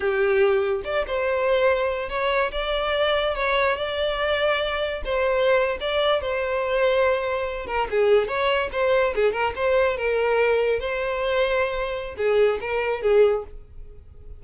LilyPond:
\new Staff \with { instrumentName = "violin" } { \time 4/4 \tempo 4 = 143 g'2 d''8 c''4.~ | c''4 cis''4 d''2 | cis''4 d''2. | c''4.~ c''16 d''4 c''4~ c''16~ |
c''2~ c''16 ais'8 gis'4 cis''16~ | cis''8. c''4 gis'8 ais'8 c''4 ais'16~ | ais'4.~ ais'16 c''2~ c''16~ | c''4 gis'4 ais'4 gis'4 | }